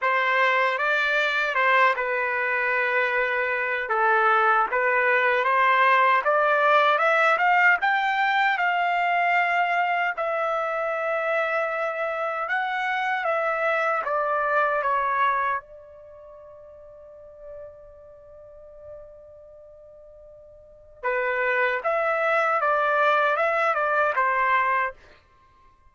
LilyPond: \new Staff \with { instrumentName = "trumpet" } { \time 4/4 \tempo 4 = 77 c''4 d''4 c''8 b'4.~ | b'4 a'4 b'4 c''4 | d''4 e''8 f''8 g''4 f''4~ | f''4 e''2. |
fis''4 e''4 d''4 cis''4 | d''1~ | d''2. b'4 | e''4 d''4 e''8 d''8 c''4 | }